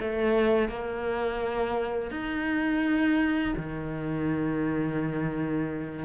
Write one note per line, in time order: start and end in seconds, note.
0.00 0.69 A3
0.69 2.11 A#3
2.11 3.54 D#4
3.57 6.05 D#3